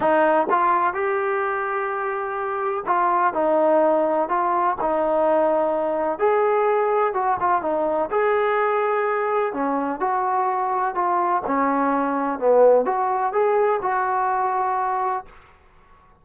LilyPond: \new Staff \with { instrumentName = "trombone" } { \time 4/4 \tempo 4 = 126 dis'4 f'4 g'2~ | g'2 f'4 dis'4~ | dis'4 f'4 dis'2~ | dis'4 gis'2 fis'8 f'8 |
dis'4 gis'2. | cis'4 fis'2 f'4 | cis'2 b4 fis'4 | gis'4 fis'2. | }